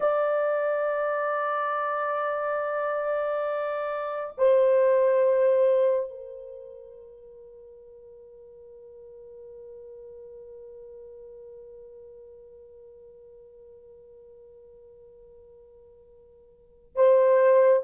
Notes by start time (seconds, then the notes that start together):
0.00 D5
4.37 C5
6.09 A#4
16.95 C5